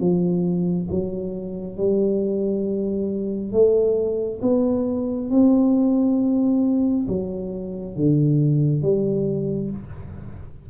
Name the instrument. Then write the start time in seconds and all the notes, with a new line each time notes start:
tuba
0.00 F3
0.90 F#3
1.77 G3
3.53 A3
4.42 B3
5.30 C4
7.08 F#3
7.96 D3
8.82 G3